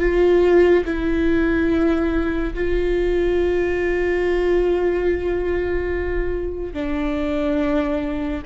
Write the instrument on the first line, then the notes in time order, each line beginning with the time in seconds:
viola
0.00 F4
0.85 E4
2.54 F4
6.74 D4